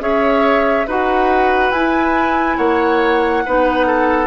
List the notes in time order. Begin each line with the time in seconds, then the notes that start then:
0.00 C#4 G#4 C#5 E5
0.87 D#4 F#4 B4 F#5
1.71 E4 G#5
2.57 A#3 C#5 F#5
3.46 B3 D#4 B4
3.87 A4